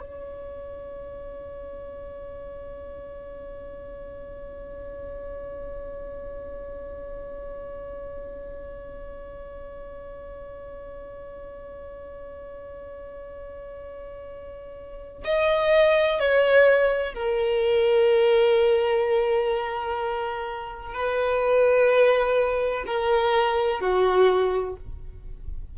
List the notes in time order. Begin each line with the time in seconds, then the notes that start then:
0.00 C#5
15.25 D#5
16.20 C#5
17.14 A#4
20.94 B4
22.87 A#4
23.81 F#4